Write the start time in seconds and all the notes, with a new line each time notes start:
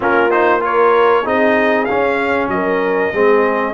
0.00 A#3 C#4 F4 A#4
0.30 D#4 C5
0.60 F4 A#4 C#5
1.24 C4 D#4 G#4 D#5
1.84 C#4 F5
2.47 F#3 D#5
2.54 A#4
3.13 G#3 C4 G#4